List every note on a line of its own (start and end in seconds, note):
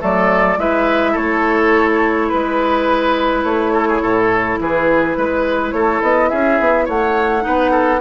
0.00 0.58 F#3
0.00 0.57 A3
0.00 0.58 A4
0.00 0.60 D5
0.58 1.15 G#3
0.58 7.42 E4
0.58 1.12 B4
0.58 1.16 E5
1.12 2.31 A3
1.12 2.27 A4
1.12 2.29 C#5
2.29 3.44 G#3
2.29 3.43 B4
2.29 3.73 B4
3.44 4.01 A3
3.44 4.58 C#5
3.73 3.87 A4
3.88 4.02 G#4
4.02 4.60 A2
4.02 4.59 A4
4.60 5.17 E3
4.60 5.18 G#4
4.60 5.72 B4
5.17 5.73 G#3
5.17 5.75 B4
5.72 6.01 A3
5.72 6.30 A4
5.72 6.01 C#5
6.02 6.30 B3
6.02 6.29 D#5
6.29 6.60 C#4
6.29 6.85 G#4
6.29 6.86 E5
6.60 6.88 B3
6.85 7.45 A3
6.85 7.42 C#5
6.85 8.01 F#5
7.42 8.01 B3
7.42 7.99 D#4
7.42 7.71 B4
7.71 8.00 A4